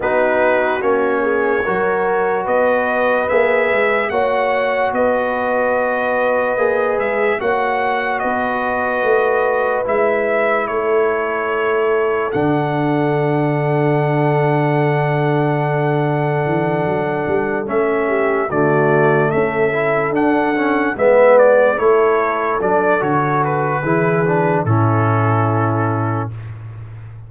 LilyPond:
<<
  \new Staff \with { instrumentName = "trumpet" } { \time 4/4 \tempo 4 = 73 b'4 cis''2 dis''4 | e''4 fis''4 dis''2~ | dis''8 e''8 fis''4 dis''2 | e''4 cis''2 fis''4~ |
fis''1~ | fis''4. e''4 d''4 e''8~ | e''8 fis''4 e''8 d''8 cis''4 d''8 | cis''8 b'4. a'2 | }
  \new Staff \with { instrumentName = "horn" } { \time 4/4 fis'4. gis'8 ais'4 b'4~ | b'4 cis''4 b'2~ | b'4 cis''4 b'2~ | b'4 a'2.~ |
a'1~ | a'2 g'8 fis'4 a'8~ | a'4. b'4 a'4.~ | a'4 gis'4 e'2 | }
  \new Staff \with { instrumentName = "trombone" } { \time 4/4 dis'4 cis'4 fis'2 | gis'4 fis'2. | gis'4 fis'2. | e'2. d'4~ |
d'1~ | d'4. cis'4 a4. | e'8 d'8 cis'8 b4 e'4 d'8 | fis'4 e'8 d'8 cis'2 | }
  \new Staff \with { instrumentName = "tuba" } { \time 4/4 b4 ais4 fis4 b4 | ais8 gis8 ais4 b2 | ais8 gis8 ais4 b4 a4 | gis4 a2 d4~ |
d1 | e8 fis8 g8 a4 d4 cis'8~ | cis'8 d'4 gis4 a4 fis8 | d4 e4 a,2 | }
>>